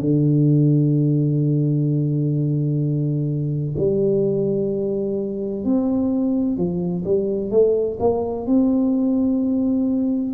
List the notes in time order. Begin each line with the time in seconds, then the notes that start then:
0.00 D3
3.77 G3
5.64 C4
6.57 F3
7.04 G3
7.50 A3
7.99 A#3
8.46 C4